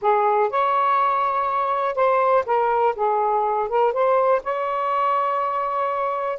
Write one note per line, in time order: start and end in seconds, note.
0.01 0.49 G#4
0.49 1.95 C#5
1.95 2.44 C5
2.46 2.95 A#4
2.95 3.68 G#4
3.68 3.92 A#4
3.92 4.42 C5
4.43 6.39 C#5